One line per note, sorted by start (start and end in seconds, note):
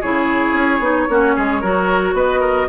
0.00 0.53 C#3
0.00 0.81 E4
0.00 1.07 G#4
0.00 2.16 C#5
0.53 0.79 C#4
0.79 1.06 B3
0.79 1.08 D#4
1.09 1.35 A#3
1.09 1.62 C#4
1.09 1.35 F#4
1.35 1.62 G#3
1.35 1.60 G#4
1.60 2.13 F#3
1.60 2.68 F#4
1.60 2.14 A#4
2.13 2.67 B3
2.13 2.40 B4
2.13 2.68 D#5
2.40 2.67 A#4